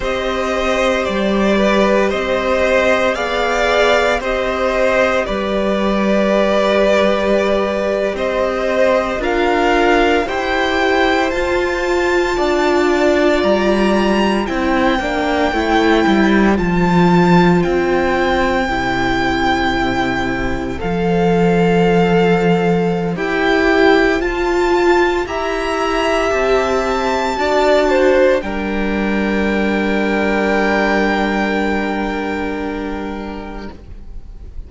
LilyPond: <<
  \new Staff \with { instrumentName = "violin" } { \time 4/4 \tempo 4 = 57 dis''4 d''4 dis''4 f''4 | dis''4 d''2~ d''8. dis''16~ | dis''8. f''4 g''4 a''4~ a''16~ | a''8. ais''4 g''2 a''16~ |
a''8. g''2. f''16~ | f''2 g''4 a''4 | ais''4 a''2 g''4~ | g''1 | }
  \new Staff \with { instrumentName = "violin" } { \time 4/4 c''4. b'8 c''4 d''4 | c''4 b'2~ b'8. c''16~ | c''8. ais'4 c''2 d''16~ | d''4.~ d''16 c''2~ c''16~ |
c''1~ | c''1 | e''2 d''8 c''8 ais'4~ | ais'1 | }
  \new Staff \with { instrumentName = "viola" } { \time 4/4 g'2. gis'4 | g'1~ | g'8. f'4 g'4 f'4~ f'16~ | f'4.~ f'16 e'8 d'8 e'4 f'16~ |
f'4.~ f'16 e'2 a'16~ | a'2 g'4 f'4 | g'2 fis'4 d'4~ | d'1 | }
  \new Staff \with { instrumentName = "cello" } { \time 4/4 c'4 g4 c'4 b4 | c'4 g2~ g8. c'16~ | c'8. d'4 e'4 f'4 d'16~ | d'8. g4 c'8 ais8 a8 g8 f16~ |
f8. c'4 c2 f16~ | f2 e'4 f'4 | e'4 c'4 d'4 g4~ | g1 | }
>>